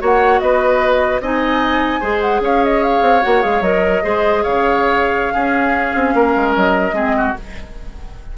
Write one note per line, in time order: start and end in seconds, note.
0.00 0.41 A#3
0.00 1.21 F#4
0.00 0.41 C#5
0.00 0.40 F#5
0.40 1.21 B3
0.40 1.22 B4
0.40 1.21 D#5
1.21 2.01 C4
1.21 2.01 D#4
1.21 2.01 D#5
1.21 2.22 G#5
2.01 2.41 G#3
2.01 3.22 G#4
2.01 2.41 C5
2.22 2.42 F#5
2.41 3.01 C#4
2.41 4.04 C#5
2.41 2.65 F5
2.65 2.84 D#5
2.84 3.23 F5
3.02 3.23 C4
3.22 3.45 A#3
3.22 3.42 F#4
3.22 3.43 F#5
3.42 3.61 G#3
3.42 3.62 G#4
3.42 3.63 F5
3.61 4.01 F#3
3.61 4.03 A#4
3.61 4.43 D#5
4.03 4.45 G#3
4.03 5.34 G#4
4.03 4.44 C5
4.43 5.36 C#3
4.43 5.34 C#5
4.43 6.55 F5
5.34 6.94 C#4
5.34 5.95 C#4
5.34 6.14 G#4
5.95 6.15 C4
6.15 6.35 A#3
6.15 6.95 A#4
6.36 6.56 G#3
6.56 6.93 F#3
6.56 7.37 D#5
6.93 7.33 G#3
6.93 7.35 C4
6.93 7.16 G#4
7.18 7.38 F#4